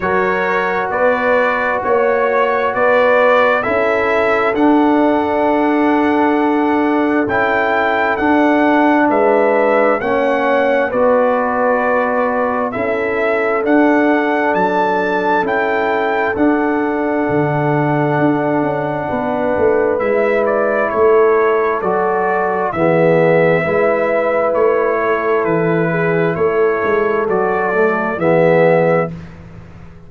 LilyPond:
<<
  \new Staff \with { instrumentName = "trumpet" } { \time 4/4 \tempo 4 = 66 cis''4 d''4 cis''4 d''4 | e''4 fis''2. | g''4 fis''4 e''4 fis''4 | d''2 e''4 fis''4 |
a''4 g''4 fis''2~ | fis''2 e''8 d''8 cis''4 | d''4 e''2 cis''4 | b'4 cis''4 d''4 e''4 | }
  \new Staff \with { instrumentName = "horn" } { \time 4/4 ais'4 b'4 cis''4 b'4 | a'1~ | a'2 b'4 cis''4 | b'2 a'2~ |
a'1~ | a'4 b'2 a'4~ | a'4 gis'4 b'4. a'8~ | a'8 gis'8 a'2 gis'4 | }
  \new Staff \with { instrumentName = "trombone" } { \time 4/4 fis'1 | e'4 d'2. | e'4 d'2 cis'4 | fis'2 e'4 d'4~ |
d'4 e'4 d'2~ | d'2 e'2 | fis'4 b4 e'2~ | e'2 fis'8 a8 b4 | }
  \new Staff \with { instrumentName = "tuba" } { \time 4/4 fis4 b4 ais4 b4 | cis'4 d'2. | cis'4 d'4 gis4 ais4 | b2 cis'4 d'4 |
fis4 cis'4 d'4 d4 | d'8 cis'8 b8 a8 gis4 a4 | fis4 e4 gis4 a4 | e4 a8 gis8 fis4 e4 | }
>>